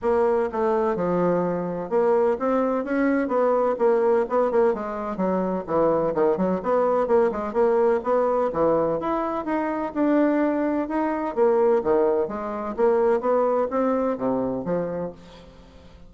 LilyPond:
\new Staff \with { instrumentName = "bassoon" } { \time 4/4 \tempo 4 = 127 ais4 a4 f2 | ais4 c'4 cis'4 b4 | ais4 b8 ais8 gis4 fis4 | e4 dis8 fis8 b4 ais8 gis8 |
ais4 b4 e4 e'4 | dis'4 d'2 dis'4 | ais4 dis4 gis4 ais4 | b4 c'4 c4 f4 | }